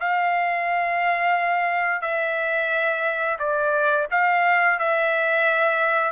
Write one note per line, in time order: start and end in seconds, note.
0.00 2.02 F5
2.02 3.38 E5
3.39 4.08 D5
4.12 4.79 F5
4.79 6.12 E5